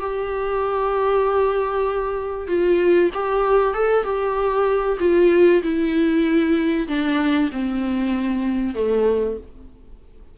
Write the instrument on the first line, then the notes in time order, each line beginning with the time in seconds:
viola
0.00 G4
2.48 F4
3.14 G4
3.74 A4
4.04 G4
5.00 F4
5.62 E4
6.88 D4
7.52 C4
8.75 A3